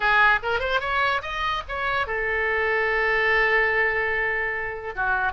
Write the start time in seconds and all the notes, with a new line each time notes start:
0.00 G#4
0.42 A#4
0.59 C5
0.80 C#5
1.21 D#5
1.68 C#5
2.07 A4
4.95 F#4